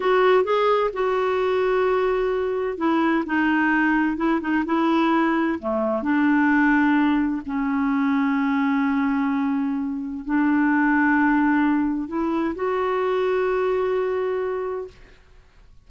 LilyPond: \new Staff \with { instrumentName = "clarinet" } { \time 4/4 \tempo 4 = 129 fis'4 gis'4 fis'2~ | fis'2 e'4 dis'4~ | dis'4 e'8 dis'8 e'2 | a4 d'2. |
cis'1~ | cis'2 d'2~ | d'2 e'4 fis'4~ | fis'1 | }